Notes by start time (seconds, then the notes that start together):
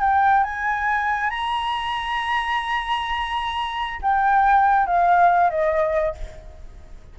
0.00 G5
0.43 G#5
1.30 A#5
4.02 G5
4.86 F5
5.50 D#5